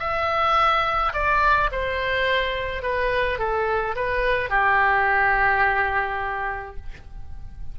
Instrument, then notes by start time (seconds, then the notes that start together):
oboe
0.00 E5
1.13 D5
1.72 C5
2.83 B4
3.39 A4
3.96 B4
4.50 G4